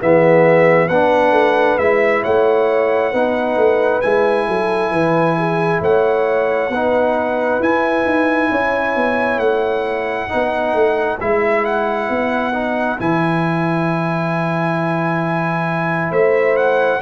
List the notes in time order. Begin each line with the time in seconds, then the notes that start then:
0.00 E3 B3 G#4 E5
0.89 B3 D4 B4 F#5
1.32 A3
1.78 G#3 E4 E5
2.23 A3 C#5 F#5
3.11 B3 D#4 B4
3.57 A3
4.02 G#3 E4 G#5
4.48 F#3 A4
4.91 E3 B4
5.38 G#4
5.81 A3 C#5 F#5
6.69 B3 D#4 B4
7.60 E4 G#5
8.05 D#4
8.51 C#4 C#5
8.96 B3
9.38 A3 F#5
10.29 B3 D#4 B4
10.74 A3
11.21 G#3 E4 E5
11.65 F#5
12.09 B3
12.53 D#4
12.99 E3 E4 G#5
16.11 A3 C5 E5
16.57 F#5